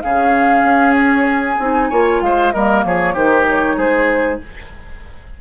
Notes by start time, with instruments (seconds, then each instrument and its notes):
0.00 bassoon C#3, clarinet C#4, oboe G#4, flute F5
0.62 bassoon C#4
0.95 flute C#5
1.28 flute G#5
1.59 bassoon C4, clarinet D#4
1.89 bassoon A#3, clarinet F4, oboe C#5
2.21 bassoon G#3, oboe C5, flute F5
2.52 bassoon G3, clarinet A#3, oboe A#4, flute D#5
2.84 bassoon F3, oboe G#4, flute C#5
3.13 bassoon D#3, clarinet D#4, oboe G4, flute C5
3.49 flute C#5
3.77 bassoon G#3, oboe G#4, flute C5